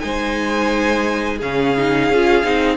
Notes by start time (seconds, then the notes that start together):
0.00 G#3 D#4 C5 G#5
1.37 C#3 C#4 G#4 F5
1.77 D#4
2.09 C#4 F4
2.43 C4 D#4